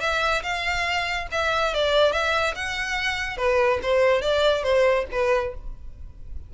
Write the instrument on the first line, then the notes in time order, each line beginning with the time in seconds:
violin
0.00 E5
0.42 F5
1.31 E5
1.74 D5
2.12 E5
2.55 F#5
3.37 B4
3.82 C5
4.21 D5
4.63 C5
5.11 B4